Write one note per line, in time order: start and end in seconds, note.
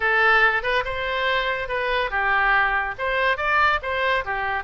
0.00 0.62 A4
0.62 0.83 B4
0.84 1.68 C5
1.68 2.10 B4
2.10 2.95 G4
2.98 3.37 C5
3.37 3.79 D5
3.82 4.24 C5
4.25 4.63 G4